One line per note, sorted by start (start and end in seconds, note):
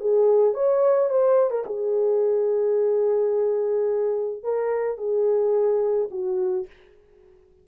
0.00 0.54 G#4
0.54 1.10 C#5
1.10 1.51 C5
1.51 1.65 A#4
1.66 4.44 G#4
4.44 4.98 A#4
4.98 6.09 G#4
6.11 6.67 F#4